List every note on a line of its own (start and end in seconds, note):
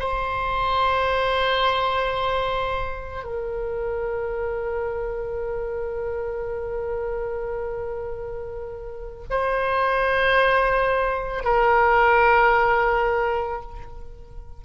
0.00 3.24 C5
3.24 9.24 A#4
9.30 11.44 C5
11.44 13.62 A#4